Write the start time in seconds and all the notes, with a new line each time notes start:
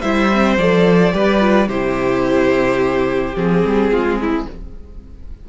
0.00 G3 E4 C5 E5
0.33 C4
0.57 F3 A4 D5
1.11 G3 G4 B4
1.40 F4
1.67 C3 E4 G4 C5
3.35 F3 C4 G#4
3.65 G3
3.90 G#3 F4
4.21 E4